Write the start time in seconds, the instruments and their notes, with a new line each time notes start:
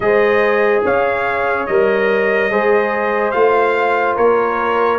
0.00 tuba G#3, trombone G#4, horn C5, trumpet D#5
0.84 tuba C#4, horn C#5, trumpet F5
1.66 tuba G3, trombone A#4, trumpet D#5
2.50 tuba G#3, trombone G#4, horn C5
3.31 tuba A3, trombone F4, trumpet F5
4.16 tuba A#3, horn A#4, trumpet C#5